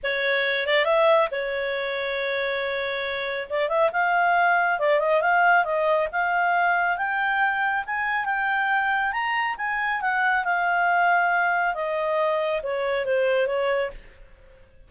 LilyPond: \new Staff \with { instrumentName = "clarinet" } { \time 4/4 \tempo 4 = 138 cis''4. d''8 e''4 cis''4~ | cis''1 | d''8 e''8 f''2 d''8 dis''8 | f''4 dis''4 f''2 |
g''2 gis''4 g''4~ | g''4 ais''4 gis''4 fis''4 | f''2. dis''4~ | dis''4 cis''4 c''4 cis''4 | }